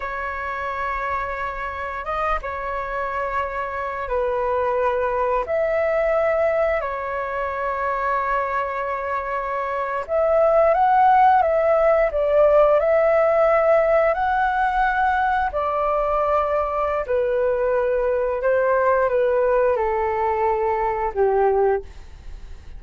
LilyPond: \new Staff \with { instrumentName = "flute" } { \time 4/4 \tempo 4 = 88 cis''2. dis''8 cis''8~ | cis''2 b'2 | e''2 cis''2~ | cis''2~ cis''8. e''4 fis''16~ |
fis''8. e''4 d''4 e''4~ e''16~ | e''8. fis''2 d''4~ d''16~ | d''4 b'2 c''4 | b'4 a'2 g'4 | }